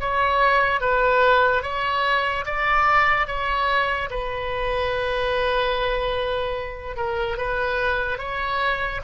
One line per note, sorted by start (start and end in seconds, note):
0.00 0.80 C#5
0.80 1.63 B4
1.63 2.45 C#5
2.45 3.27 D5
3.27 4.09 C#5
4.10 6.96 B4
6.96 7.37 A#4
7.37 8.18 B4
8.18 9.00 C#5